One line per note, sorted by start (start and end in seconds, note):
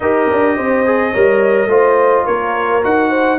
0.00 0.28 D#4
0.00 0.85 G4
0.00 0.56 A#4
0.00 2.26 D#5
0.30 0.57 D4
0.56 1.14 C4
0.56 1.11 C5
0.85 1.14 G#4
1.11 1.66 G3
1.11 1.69 A#4
1.11 1.67 C#5
1.66 2.23 A3
1.66 2.82 F4
1.66 2.25 C5
2.25 2.84 A#3
2.25 3.09 A#4
2.25 2.83 C#5
2.82 3.38 D#4
2.82 3.38 F#4
2.82 3.38 F#5
3.10 3.38 C5